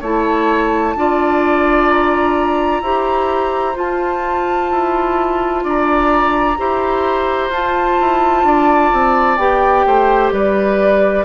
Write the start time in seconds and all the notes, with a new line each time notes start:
0.00 A3 E4 C#5 A5
0.95 D4 F4 D5
1.89 A#5
2.81 E4 G4 C5
3.74 F4 A5
4.71 E4
5.64 D4 D5 A#5
6.57 E4 G4 C5
7.49 F4 A5
8.00 E4
8.44 D4 D5
8.93 C4
9.37 B3 G4 G5
9.86 A3 C5
10.32 G3 B4 D5